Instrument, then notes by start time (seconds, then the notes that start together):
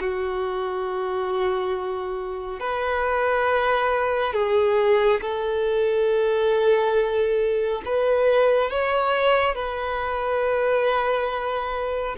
violin
0.00 F#4
2.60 B4
4.33 G#4
5.21 A4
7.85 B4
8.70 C#5
9.55 B4